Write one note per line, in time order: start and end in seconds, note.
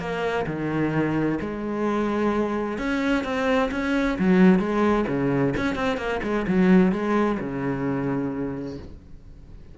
0.00 0.46 A#3
0.47 1.39 D#3
1.41 2.79 G#3
2.79 3.24 C#4
3.24 3.70 C4
3.72 4.18 C#4
4.19 4.60 F#3
4.60 5.06 G#3
5.08 5.54 C#3
5.57 5.76 C#4
5.76 5.97 C4
5.97 6.21 A#3
6.23 6.47 G#3
6.48 6.92 F#3
6.92 7.38 G#3
7.40 8.79 C#3